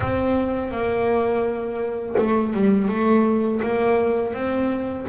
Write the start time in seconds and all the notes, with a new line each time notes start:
0.00 C4
0.71 A#3
2.17 A3
2.53 G3
2.88 A3
3.62 A#3
4.33 C4